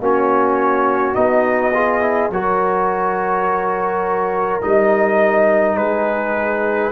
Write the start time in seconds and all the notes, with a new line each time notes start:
0.00 A#3 C#4 F#4 C#5
1.14 B3 D#4 D#5
1.74 F4 G#4
2.01 E4
2.30 F#3 F#4 A#4 C#5
4.61 G3 D#4 D#5
5.76 G#3 G#4 B4